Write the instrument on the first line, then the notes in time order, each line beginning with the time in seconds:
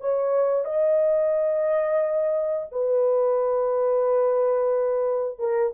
horn
0.00 C#5
0.65 D#5
2.72 B4
5.39 A#4